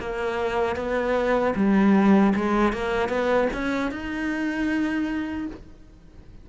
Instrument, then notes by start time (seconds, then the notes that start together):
cello
0.00 A#3
0.77 B3
1.56 G3
2.36 G#3
2.73 A#3
3.09 B3
3.53 C#4
3.91 D#4